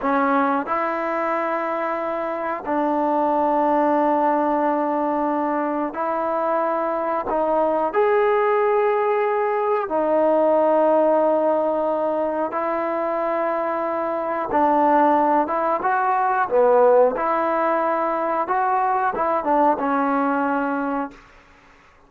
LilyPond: \new Staff \with { instrumentName = "trombone" } { \time 4/4 \tempo 4 = 91 cis'4 e'2. | d'1~ | d'4 e'2 dis'4 | gis'2. dis'4~ |
dis'2. e'4~ | e'2 d'4. e'8 | fis'4 b4 e'2 | fis'4 e'8 d'8 cis'2 | }